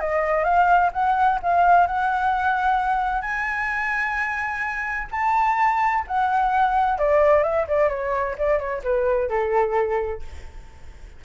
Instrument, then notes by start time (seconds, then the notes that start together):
flute
0.00 D#5
0.44 F5
0.93 F#5
1.42 F5
1.87 F#5
3.22 G#5
5.11 A5
6.07 F#5
6.99 D5
7.43 E5
7.68 D5
7.89 C#5
8.38 D5
8.59 C#5
8.84 B4
9.29 A4